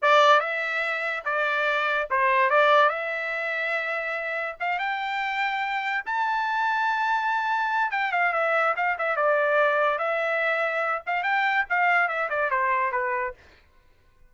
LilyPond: \new Staff \with { instrumentName = "trumpet" } { \time 4/4 \tempo 4 = 144 d''4 e''2 d''4~ | d''4 c''4 d''4 e''4~ | e''2. f''8 g''8~ | g''2~ g''8 a''4.~ |
a''2. g''8 f''8 | e''4 f''8 e''8 d''2 | e''2~ e''8 f''8 g''4 | f''4 e''8 d''8 c''4 b'4 | }